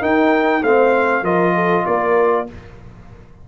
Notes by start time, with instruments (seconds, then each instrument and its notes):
0.00 trombone D#4, tuba D#4, horn A#4, trumpet G5
0.62 tuba A3, trombone C4, horn C5, trumpet F5
1.22 tuba F3, trombone F4, horn A#4, trumpet D#5
1.54 horn A4
1.86 tuba A#3, horn A#4, trumpet D5